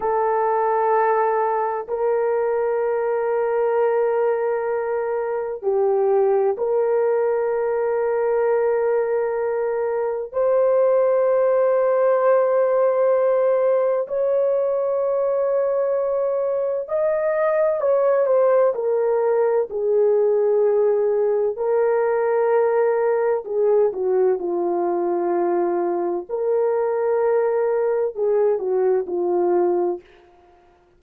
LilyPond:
\new Staff \with { instrumentName = "horn" } { \time 4/4 \tempo 4 = 64 a'2 ais'2~ | ais'2 g'4 ais'4~ | ais'2. c''4~ | c''2. cis''4~ |
cis''2 dis''4 cis''8 c''8 | ais'4 gis'2 ais'4~ | ais'4 gis'8 fis'8 f'2 | ais'2 gis'8 fis'8 f'4 | }